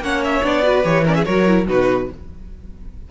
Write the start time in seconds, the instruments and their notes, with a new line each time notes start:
0.00 cello A#3, viola C#4, violin C#5 F#5
0.24 violin E5
0.44 cello B3, viola D4, violin D5
0.63 viola F#4, violin B4
0.83 cello E3, viola G4, violin C#5
1.04 viola C#4, violin A#4 D5
1.14 violin G#4 E5
1.25 cello F#3, viola F#4, violin A#4 C#5
1.46 viola E4
1.67 cello B2, viola D#4, violin F#4 B4